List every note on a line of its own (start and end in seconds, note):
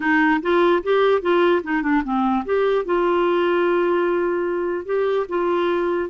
0.00 0.40 D#4
0.42 0.82 F4
0.83 1.21 G4
1.21 1.62 F4
1.63 1.82 D#4
1.82 2.02 D4
2.04 2.44 C4
2.45 2.85 G4
2.85 4.85 F4
4.85 5.26 G4
5.29 6.09 F4